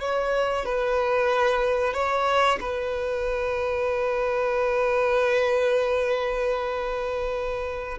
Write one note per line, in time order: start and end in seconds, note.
0.00 0.65 C#5
0.65 1.94 B4
1.94 2.59 C#5
2.61 7.99 B4